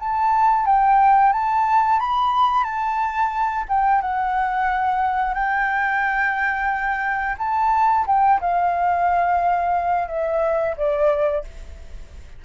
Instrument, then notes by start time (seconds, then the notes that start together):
flute
0.00 A5
0.66 G5
1.33 A5
2.00 B5
2.64 A5
3.69 G5
4.02 F#5
5.34 G5
7.39 A5
8.07 G5
8.41 F5
10.08 E5
10.77 D5